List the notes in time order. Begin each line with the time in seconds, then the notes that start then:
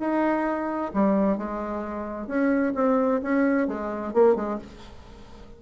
0.00 D#4
0.94 G3
1.38 G#3
2.27 C#4
2.75 C4
3.23 C#4
3.68 G#3
4.14 A#3
4.36 G#3